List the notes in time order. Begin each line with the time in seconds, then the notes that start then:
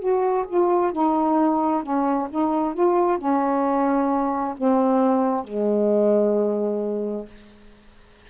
0.00 F#4
0.48 F4
0.93 D#4
1.83 C#4
2.31 D#4
2.74 F4
3.19 C#4
4.57 C4
5.45 G#3